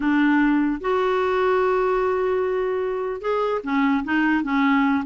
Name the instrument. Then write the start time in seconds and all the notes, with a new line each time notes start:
clarinet
0.00 D4
0.80 F#4
3.21 G#4
3.63 C#4
4.04 D#4
4.43 C#4